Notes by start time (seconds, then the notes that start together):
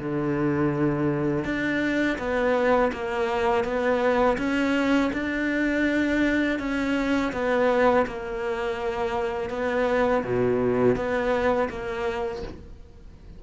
0.00 D3
1.45 D4
2.19 B3
2.93 A#3
3.65 B3
4.38 C#4
5.14 D4
6.60 C#4
7.33 B3
8.07 A#3
9.50 B3
10.24 B2
10.96 B3
11.70 A#3